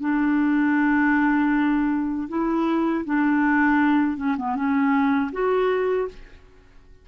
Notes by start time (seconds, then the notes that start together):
0.00 D4
2.28 E4
3.05 D4
4.17 C#4
4.37 B3
4.55 C#4
5.32 F#4